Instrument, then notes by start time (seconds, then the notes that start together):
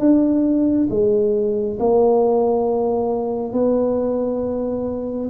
tuba
0.00 D4
0.90 G#3
1.80 A#3
3.53 B3